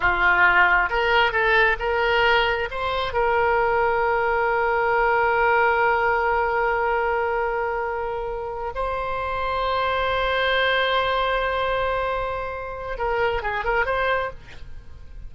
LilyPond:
\new Staff \with { instrumentName = "oboe" } { \time 4/4 \tempo 4 = 134 f'2 ais'4 a'4 | ais'2 c''4 ais'4~ | ais'1~ | ais'1~ |
ais'2.~ ais'8 c''8~ | c''1~ | c''1~ | c''4 ais'4 gis'8 ais'8 c''4 | }